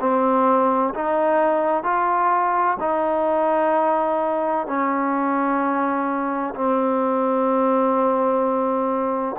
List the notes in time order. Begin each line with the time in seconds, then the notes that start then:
0.00 C4
0.94 D#4
1.83 F4
2.80 D#4
4.67 C#4
6.54 C4